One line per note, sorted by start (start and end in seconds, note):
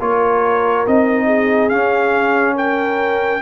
0.00 0.86 A#3
0.00 0.87 F4
0.00 1.26 A#4
0.00 0.87 C#5
0.87 1.72 C4
0.87 1.71 D#4
0.87 1.69 D#5
1.26 2.55 G#4
1.69 3.42 C#4
1.69 2.55 F5
2.56 3.42 A#4
2.56 3.42 G5